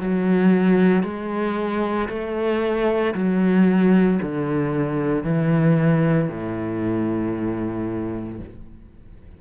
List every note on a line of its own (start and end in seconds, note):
0.00 1.04 F#3
1.04 2.09 G#3
2.09 3.14 A3
3.15 4.20 F#3
4.22 5.24 D3
5.24 6.29 E3
6.29 8.40 A2